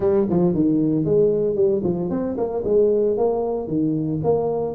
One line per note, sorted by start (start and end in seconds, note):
0.00 0.26 G3
0.29 0.54 F3
0.54 1.04 D#3
1.04 1.55 G#3
1.55 1.82 G3
1.84 2.10 F3
2.10 2.36 C4
2.37 2.63 A#3
2.64 3.17 G#3
3.17 3.67 A#3
3.67 4.20 D#3
4.23 4.74 A#3